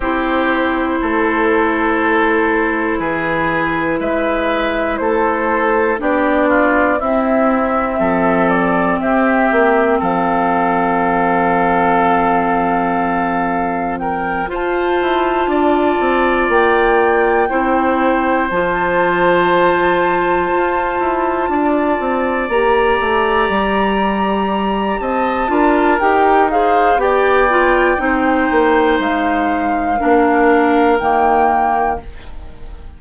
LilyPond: <<
  \new Staff \with { instrumentName = "flute" } { \time 4/4 \tempo 4 = 60 c''2. b'4 | e''4 c''4 d''4 e''4~ | e''8 d''8 e''4 f''2~ | f''2 g''8 a''4.~ |
a''8 g''2 a''4.~ | a''2~ a''8 ais''4.~ | ais''4 a''4 g''8 f''8 g''4~ | g''4 f''2 g''4 | }
  \new Staff \with { instrumentName = "oboe" } { \time 4/4 g'4 a'2 gis'4 | b'4 a'4 g'8 f'8 e'4 | a'4 g'4 a'2~ | a'2 ais'8 c''4 d''8~ |
d''4. c''2~ c''8~ | c''4. d''2~ d''8~ | d''4 dis''8 ais'4 c''8 d''4 | c''2 ais'2 | }
  \new Staff \with { instrumentName = "clarinet" } { \time 4/4 e'1~ | e'2 d'4 c'4~ | c'1~ | c'2~ c'8 f'4.~ |
f'4. e'4 f'4.~ | f'2~ f'8 g'4.~ | g'4. f'8 g'8 gis'8 g'8 f'8 | dis'2 d'4 ais4 | }
  \new Staff \with { instrumentName = "bassoon" } { \time 4/4 c'4 a2 e4 | gis4 a4 b4 c'4 | f4 c'8 ais8 f2~ | f2~ f8 f'8 e'8 d'8 |
c'8 ais4 c'4 f4.~ | f8 f'8 e'8 d'8 c'8 ais8 a8 g8~ | g4 c'8 d'8 dis'4 b4 | c'8 ais8 gis4 ais4 dis4 | }
>>